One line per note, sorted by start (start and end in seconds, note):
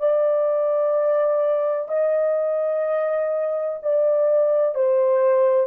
0.00 1.89 D5
1.89 3.79 D#5
3.83 4.75 D5
4.75 5.68 C5